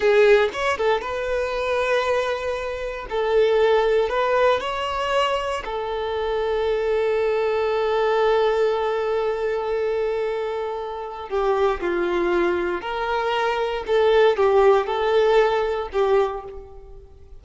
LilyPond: \new Staff \with { instrumentName = "violin" } { \time 4/4 \tempo 4 = 117 gis'4 cis''8 a'8 b'2~ | b'2 a'2 | b'4 cis''2 a'4~ | a'1~ |
a'1~ | a'2 g'4 f'4~ | f'4 ais'2 a'4 | g'4 a'2 g'4 | }